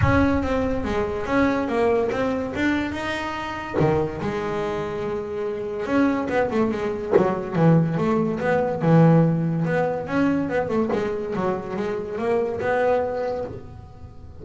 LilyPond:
\new Staff \with { instrumentName = "double bass" } { \time 4/4 \tempo 4 = 143 cis'4 c'4 gis4 cis'4 | ais4 c'4 d'4 dis'4~ | dis'4 dis4 gis2~ | gis2 cis'4 b8 a8 |
gis4 fis4 e4 a4 | b4 e2 b4 | cis'4 b8 a8 gis4 fis4 | gis4 ais4 b2 | }